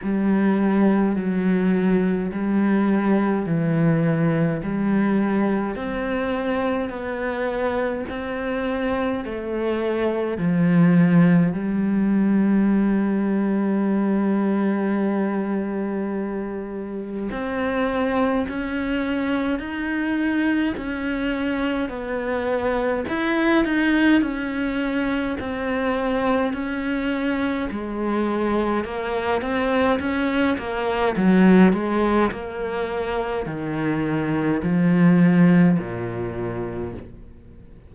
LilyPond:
\new Staff \with { instrumentName = "cello" } { \time 4/4 \tempo 4 = 52 g4 fis4 g4 e4 | g4 c'4 b4 c'4 | a4 f4 g2~ | g2. c'4 |
cis'4 dis'4 cis'4 b4 | e'8 dis'8 cis'4 c'4 cis'4 | gis4 ais8 c'8 cis'8 ais8 fis8 gis8 | ais4 dis4 f4 ais,4 | }